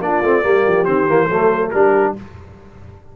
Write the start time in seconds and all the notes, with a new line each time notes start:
0.00 A#3 D4 F4 D5
0.22 A3 C4
0.42 G3 A#3 G4
0.67 F3
0.85 D#3 C4 C5
1.08 E3 A#3
1.27 F#3 A3 A4
1.70 G3 D4 G4 A#4